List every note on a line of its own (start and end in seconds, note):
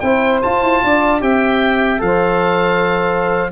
0.00 0.42 C4
0.00 0.42 E4
0.00 0.83 C5
0.00 0.40 G5
0.42 1.20 F4
0.42 0.62 F4
0.42 1.22 A5
0.62 0.82 E4
0.83 1.22 D4
0.83 1.22 D5
1.20 2.01 C4
1.20 1.98 G4
1.20 2.02 E5
1.20 2.01 G5
1.98 3.51 F3
1.98 3.48 A4
1.98 3.51 F5
2.05 3.52 C5